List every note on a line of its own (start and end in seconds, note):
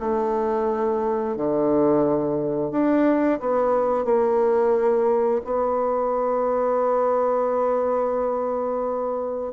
0.00 1.36 A3
1.36 2.71 D3
2.71 3.39 D4
3.40 4.05 B3
4.05 5.41 A#3
5.44 9.53 B3